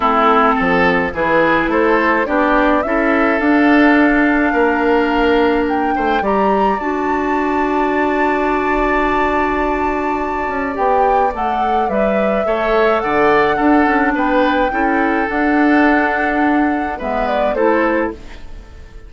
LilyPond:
<<
  \new Staff \with { instrumentName = "flute" } { \time 4/4 \tempo 4 = 106 a'2 b'4 c''4 | d''4 e''4 f''2~ | f''2 g''4 ais''4 | a''1~ |
a''2. g''4 | fis''4 e''2 fis''4~ | fis''4 g''2 fis''4~ | fis''2 e''8 d''8 c''4 | }
  \new Staff \with { instrumentName = "oboe" } { \time 4/4 e'4 a'4 gis'4 a'4 | g'4 a'2. | ais'2~ ais'8 c''8 d''4~ | d''1~ |
d''1~ | d''2 cis''4 d''4 | a'4 b'4 a'2~ | a'2 b'4 a'4 | }
  \new Staff \with { instrumentName = "clarinet" } { \time 4/4 c'2 e'2 | d'4 e'4 d'2~ | d'2. g'4 | fis'1~ |
fis'2. g'4 | a'4 b'4 a'2 | d'2 e'4 d'4~ | d'2 b4 e'4 | }
  \new Staff \with { instrumentName = "bassoon" } { \time 4/4 a4 f4 e4 a4 | b4 cis'4 d'2 | ais2~ ais8 a8 g4 | d'1~ |
d'2~ d'8 cis'8 b4 | a4 g4 a4 d4 | d'8 cis'8 b4 cis'4 d'4~ | d'2 gis4 a4 | }
>>